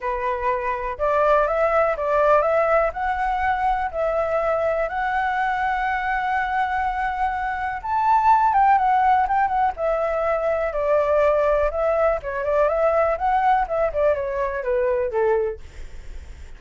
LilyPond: \new Staff \with { instrumentName = "flute" } { \time 4/4 \tempo 4 = 123 b'2 d''4 e''4 | d''4 e''4 fis''2 | e''2 fis''2~ | fis''1 |
a''4. g''8 fis''4 g''8 fis''8 | e''2 d''2 | e''4 cis''8 d''8 e''4 fis''4 | e''8 d''8 cis''4 b'4 a'4 | }